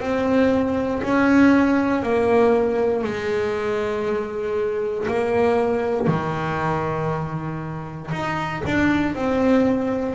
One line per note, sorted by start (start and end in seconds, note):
0.00 1.02 C4
1.03 2.03 C#4
2.03 3.03 A#3
3.03 5.07 G#3
5.08 6.07 A#3
6.07 8.11 D#3
8.11 8.62 D#4
8.65 9.15 D4
9.15 10.15 C4